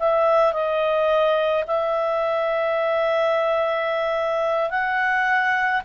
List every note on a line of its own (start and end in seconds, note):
0.00 0.54 E5
0.54 1.65 D#5
1.68 4.71 E5
4.71 5.82 F#5